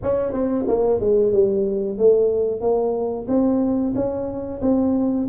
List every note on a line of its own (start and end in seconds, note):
0.02 0.32 C#4
0.32 0.65 C4
0.67 1.00 A#3
1.00 1.32 G#3
1.32 1.98 G3
1.98 2.60 A3
2.60 3.26 A#3
3.28 3.94 C4
3.95 4.61 C#4
4.61 5.27 C4